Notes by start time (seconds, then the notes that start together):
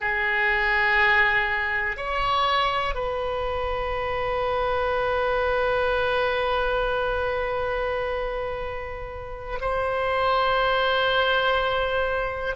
0.00 G#4
1.96 C#5
2.95 B4
9.60 C5